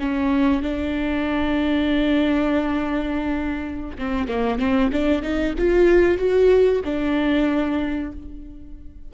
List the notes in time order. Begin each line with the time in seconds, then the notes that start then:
0.00 C#4
0.62 D4
3.99 C4
4.28 A#3
4.59 C4
4.93 D4
5.23 D#4
5.59 F4
6.18 F#4
6.85 D4